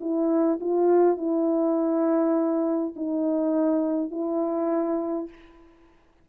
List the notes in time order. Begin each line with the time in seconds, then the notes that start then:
0.00 E4
0.60 F4
1.17 E4
2.96 D#4
4.11 E4